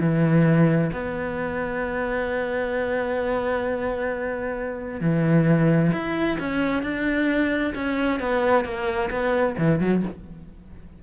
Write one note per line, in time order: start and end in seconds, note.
0.00 0.91 E3
0.93 5.01 B3
5.01 5.92 E3
5.92 6.38 E4
6.39 6.83 C#4
6.83 7.74 D4
7.75 8.20 C#4
8.20 8.65 B3
8.65 9.10 A#3
9.11 9.56 B3
9.58 9.80 E3
9.80 10.03 F#3